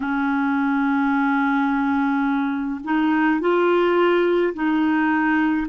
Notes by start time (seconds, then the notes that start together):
0.00 C#4
2.84 D#4
3.40 F4
4.54 D#4